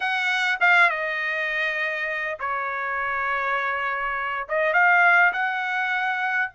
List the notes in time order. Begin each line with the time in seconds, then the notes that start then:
0.00 F#5
0.60 F5
0.89 D#5
2.39 C#5
4.48 D#5
4.73 F5
5.32 F#5